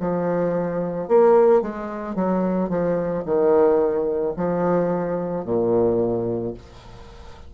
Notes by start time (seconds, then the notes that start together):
0.00 F3
1.08 A#3
1.62 G#3
2.15 F#3
2.69 F3
3.25 D#3
4.36 F3
5.44 A#2